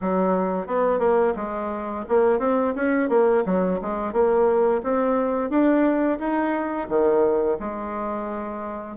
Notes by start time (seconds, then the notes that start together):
0.01 F#3
0.66 B3
0.99 A#3
1.36 G#3
2.08 A#3
2.39 C4
2.75 C#4
3.09 A#3
3.45 F#3
3.81 G#3
4.12 A#3
4.83 C4
5.50 D4
6.19 D#4
6.88 D#3
7.59 G#3